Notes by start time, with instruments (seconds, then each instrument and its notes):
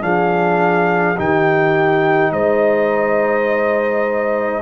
0.00 tuba F3, trombone D4, horn G#4, trumpet F5
1.16 tuba D#3, trombone D#4, horn G4, trumpet G5
2.31 tuba G#3, horn C5, trumpet D#5